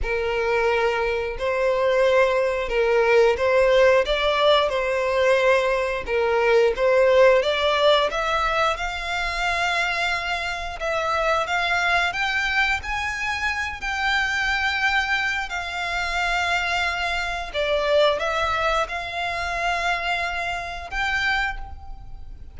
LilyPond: \new Staff \with { instrumentName = "violin" } { \time 4/4 \tempo 4 = 89 ais'2 c''2 | ais'4 c''4 d''4 c''4~ | c''4 ais'4 c''4 d''4 | e''4 f''2. |
e''4 f''4 g''4 gis''4~ | gis''8 g''2~ g''8 f''4~ | f''2 d''4 e''4 | f''2. g''4 | }